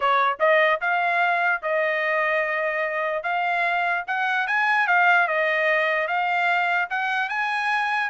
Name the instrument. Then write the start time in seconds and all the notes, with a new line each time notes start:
trumpet
0.00 C#5
0.39 D#5
0.80 F5
1.61 D#5
3.23 F5
4.07 F#5
4.47 G#5
4.87 F5
5.27 D#5
6.07 F5
6.89 F#5
7.29 G#5